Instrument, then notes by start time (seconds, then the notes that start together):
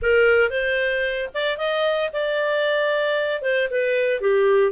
clarinet
0.01 A#4
0.50 C5
1.33 D5
1.57 D#5
2.12 D5
3.42 C5
3.70 B4
4.20 G4